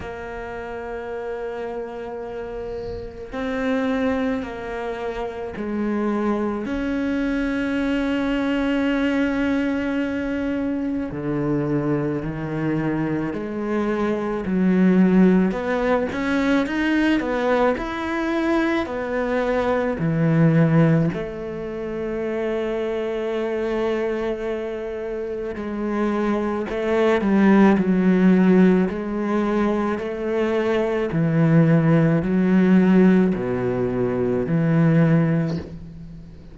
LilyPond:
\new Staff \with { instrumentName = "cello" } { \time 4/4 \tempo 4 = 54 ais2. c'4 | ais4 gis4 cis'2~ | cis'2 d4 dis4 | gis4 fis4 b8 cis'8 dis'8 b8 |
e'4 b4 e4 a4~ | a2. gis4 | a8 g8 fis4 gis4 a4 | e4 fis4 b,4 e4 | }